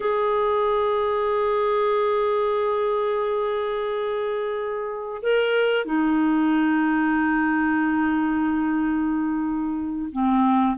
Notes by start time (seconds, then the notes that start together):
0.00 G#4
5.22 A#4
5.85 D#4
10.12 C4